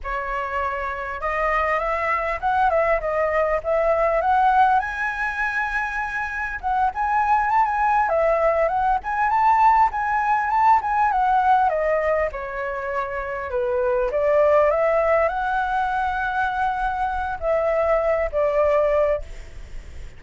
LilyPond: \new Staff \with { instrumentName = "flute" } { \time 4/4 \tempo 4 = 100 cis''2 dis''4 e''4 | fis''8 e''8 dis''4 e''4 fis''4 | gis''2. fis''8 gis''8~ | gis''8 a''16 gis''8. e''4 fis''8 gis''8 a''8~ |
a''8 gis''4 a''8 gis''8 fis''4 dis''8~ | dis''8 cis''2 b'4 d''8~ | d''8 e''4 fis''2~ fis''8~ | fis''4 e''4. d''4. | }